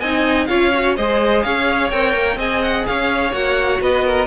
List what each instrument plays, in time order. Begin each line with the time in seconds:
0.00 cello C4, viola D#4, violin D#5 G#5
0.46 cello C#4, viola F4, violin C#5 F5
0.74 viola F#4
0.97 cello G#3, viola G#4, violin C5 D#5
1.43 cello C#4, violin C#5 F5
1.91 cello C4, viola A#4, violin G5
2.14 cello A#3
2.36 cello C4, viola G#4, violin D#5 G#5
2.62 violin F#5
2.87 cello C#4, violin C#5 F5
3.32 cello A#3, viola F#4, violin F#5
3.81 cello B3, violin B4 D#5
4.05 violin A#4